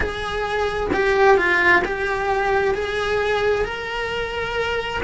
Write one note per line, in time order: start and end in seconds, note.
0.00 0.90 G#4
0.93 1.37 G4
1.37 1.82 F4
1.84 2.74 G4
2.74 3.64 G#4
3.64 5.00 A#4